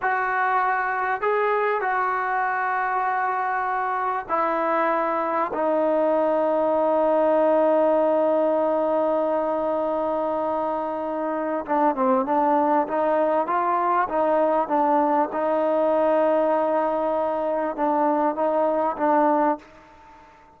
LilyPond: \new Staff \with { instrumentName = "trombone" } { \time 4/4 \tempo 4 = 98 fis'2 gis'4 fis'4~ | fis'2. e'4~ | e'4 dis'2.~ | dis'1~ |
dis'2. d'8 c'8 | d'4 dis'4 f'4 dis'4 | d'4 dis'2.~ | dis'4 d'4 dis'4 d'4 | }